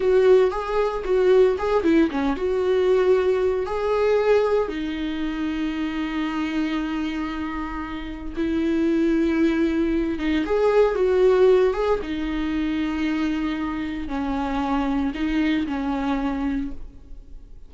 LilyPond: \new Staff \with { instrumentName = "viola" } { \time 4/4 \tempo 4 = 115 fis'4 gis'4 fis'4 gis'8 e'8 | cis'8 fis'2~ fis'8 gis'4~ | gis'4 dis'2.~ | dis'1 |
e'2.~ e'8 dis'8 | gis'4 fis'4. gis'8 dis'4~ | dis'2. cis'4~ | cis'4 dis'4 cis'2 | }